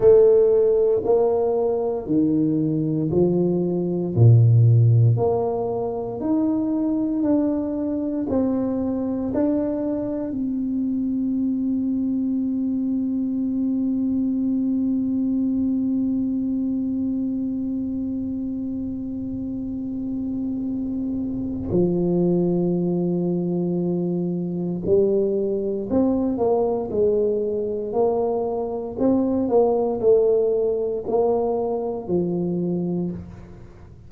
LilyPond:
\new Staff \with { instrumentName = "tuba" } { \time 4/4 \tempo 4 = 58 a4 ais4 dis4 f4 | ais,4 ais4 dis'4 d'4 | c'4 d'4 c'2~ | c'1~ |
c'1~ | c'4 f2. | g4 c'8 ais8 gis4 ais4 | c'8 ais8 a4 ais4 f4 | }